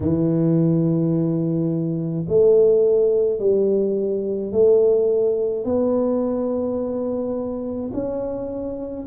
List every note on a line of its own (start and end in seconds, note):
0.00 2.26 E3
2.28 3.39 A3
3.39 4.52 G3
4.52 5.64 A3
5.64 7.91 B3
7.92 9.06 C#4